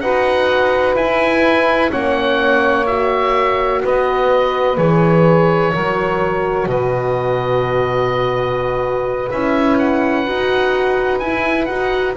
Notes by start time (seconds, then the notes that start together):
0.00 D#4 F#4 B4 F#5
0.95 E4 G#5
1.90 A#3 C#4 C#5 F#5
2.86 F#4 E5
3.83 B3 B4 D#5
4.77 E3 G#4 C#5
5.73 F#3 F#4 A#4
6.66 B2 B4 D#5
9.30 C#4 E4 E5
9.78 F#5
10.27 D#4 F#4
11.19 E4 G#5
11.65 D#4 F#4 F#5